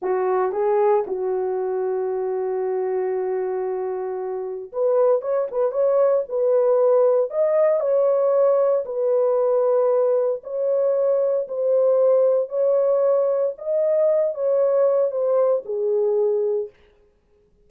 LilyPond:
\new Staff \with { instrumentName = "horn" } { \time 4/4 \tempo 4 = 115 fis'4 gis'4 fis'2~ | fis'1~ | fis'4 b'4 cis''8 b'8 cis''4 | b'2 dis''4 cis''4~ |
cis''4 b'2. | cis''2 c''2 | cis''2 dis''4. cis''8~ | cis''4 c''4 gis'2 | }